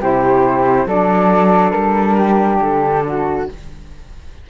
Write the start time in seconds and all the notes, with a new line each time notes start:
0.00 C3 E4 G4 C5
0.86 F#3 D4 A4 D5
1.71 G3 A#4
2.16 G4
2.61 D3 A4
3.06 F#4